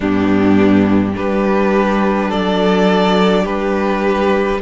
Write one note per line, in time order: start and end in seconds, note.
0.00 1.13 G2
0.00 1.12 B3
0.00 1.15 D4
0.00 1.16 G4
1.12 2.32 G3
1.12 4.58 D4
1.12 2.29 G4
1.12 2.31 B4
2.29 3.46 F#3
2.29 3.43 A4
2.29 3.45 D5
3.43 4.61 G3
3.43 4.58 G4
3.43 4.61 B4